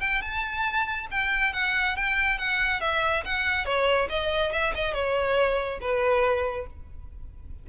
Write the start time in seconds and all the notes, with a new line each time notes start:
0.00 G5
0.21 A5
1.10 G5
1.53 F#5
1.96 G5
2.38 F#5
2.80 E5
3.25 F#5
3.65 C#5
4.09 D#5
4.52 E5
4.75 D#5
4.93 C#5
5.81 B4